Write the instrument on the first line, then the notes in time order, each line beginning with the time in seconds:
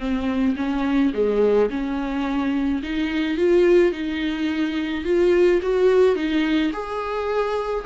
viola
0.00 C4
0.57 C#4
1.14 G#3
1.71 C#4
2.83 D#4
3.37 F4
3.93 D#4
5.05 F4
5.63 F#4
6.16 D#4
6.73 G#4